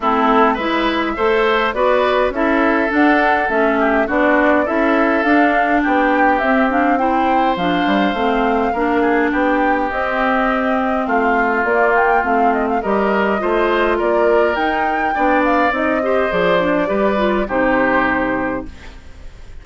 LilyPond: <<
  \new Staff \with { instrumentName = "flute" } { \time 4/4 \tempo 4 = 103 a'4 e''2 d''4 | e''4 fis''4 e''4 d''4 | e''4 f''4 g''4 e''8 f''8 | g''4 f''2. |
g''4 dis''2 f''4 | d''8 g''8 f''8 dis''16 f''16 dis''2 | d''4 g''4. f''8 dis''4 | d''2 c''2 | }
  \new Staff \with { instrumentName = "oboe" } { \time 4/4 e'4 b'4 c''4 b'4 | a'2~ a'8 g'8 fis'4 | a'2 g'2 | c''2. ais'8 gis'8 |
g'2. f'4~ | f'2 ais'4 c''4 | ais'2 d''4. c''8~ | c''4 b'4 g'2 | }
  \new Staff \with { instrumentName = "clarinet" } { \time 4/4 c'4 e'4 a'4 fis'4 | e'4 d'4 cis'4 d'4 | e'4 d'2 c'8 d'8 | e'4 d'4 c'4 d'4~ |
d'4 c'2. | ais4 c'4 g'4 f'4~ | f'4 dis'4 d'4 dis'8 g'8 | gis'8 d'8 g'8 f'8 dis'2 | }
  \new Staff \with { instrumentName = "bassoon" } { \time 4/4 a4 gis4 a4 b4 | cis'4 d'4 a4 b4 | cis'4 d'4 b4 c'4~ | c'4 f8 g8 a4 ais4 |
b4 c'2 a4 | ais4 a4 g4 a4 | ais4 dis'4 b4 c'4 | f4 g4 c2 | }
>>